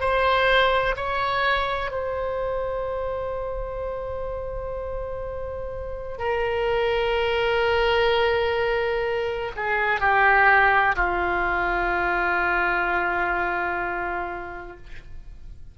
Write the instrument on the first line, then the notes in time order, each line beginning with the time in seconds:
oboe
0.00 C5
0.96 C#5
1.91 C5
6.18 A#4
9.56 G#4
10.00 G4
10.96 F4